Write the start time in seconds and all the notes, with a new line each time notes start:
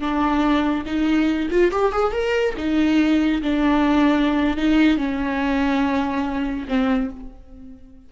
0.00 D4
0.86 D#4
1.51 F4
1.72 G4
1.92 G#4
2.12 A#4
2.58 D#4
3.42 D4
4.57 D#4
4.97 C#4
6.68 C4